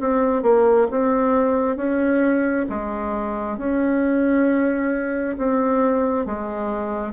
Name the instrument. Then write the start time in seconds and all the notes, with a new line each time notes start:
bassoon
0.00 C4
0.43 A#3
0.91 C4
1.77 C#4
2.69 G#3
3.58 C#4
5.38 C4
6.26 G#3